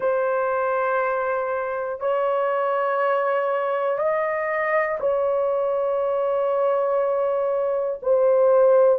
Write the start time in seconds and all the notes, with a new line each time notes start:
0.00 C5
2.00 C#5
3.98 D#5
5.00 C#5
8.02 C5